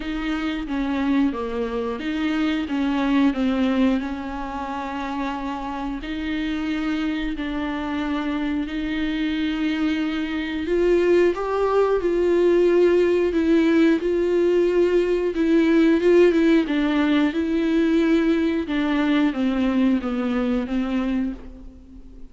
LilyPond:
\new Staff \with { instrumentName = "viola" } { \time 4/4 \tempo 4 = 90 dis'4 cis'4 ais4 dis'4 | cis'4 c'4 cis'2~ | cis'4 dis'2 d'4~ | d'4 dis'2. |
f'4 g'4 f'2 | e'4 f'2 e'4 | f'8 e'8 d'4 e'2 | d'4 c'4 b4 c'4 | }